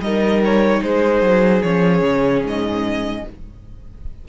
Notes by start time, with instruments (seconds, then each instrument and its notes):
0.00 cello G3, viola D#4, violin A#4 D#5
0.45 violin C#5
0.81 cello G#3, violin G#4 C5
1.22 cello F#3
1.62 cello F3, viola C#4, violin C#5
2.02 cello C#3
2.43 cello G#2, violin D#5